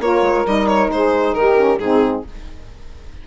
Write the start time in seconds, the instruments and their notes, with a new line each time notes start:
0.00 bassoon A#3, saxophone F4 A#4, violin C#5
0.22 bassoon G#3
0.46 bassoon G3, saxophone D#4, violin D#5
0.68 violin C#5
0.88 bassoon G#3, saxophone G#4, violin C5
1.34 bassoon D#3, saxophone G4, violin A#4
1.56 saxophone C#4
1.79 bassoon G#2, saxophone C4 D#4, violin G#4